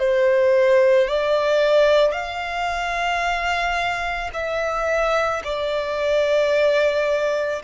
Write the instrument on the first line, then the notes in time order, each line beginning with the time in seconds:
violin
0.00 C5
1.08 D5
2.12 F5
4.33 E5
5.44 D5